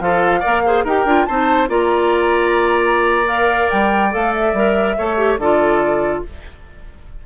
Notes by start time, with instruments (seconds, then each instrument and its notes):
0.00 bassoon F3, clarinet F4, oboe A4, flute F5
0.40 clarinet A#4, oboe D5
0.46 bassoon A#3
0.65 clarinet G#4, oboe C5
0.84 bassoon D#4, clarinet G4, oboe A#4, flute G5
1.05 bassoon D4, clarinet F4
1.25 bassoon C4, clarinet D#4, oboe C5, flute A5
1.68 bassoon A#3, clarinet F4, oboe D5, flute A#5
3.26 clarinet A#4, flute F5
3.70 bassoon G3, flute G5
4.11 bassoon A3, clarinet A4, flute F5
4.33 flute E5
4.53 bassoon G3, clarinet A#4
4.98 bassoon A3, clarinet A4, oboe C#5
5.17 clarinet G4
5.37 bassoon D3, clarinet F4, oboe A4, flute D5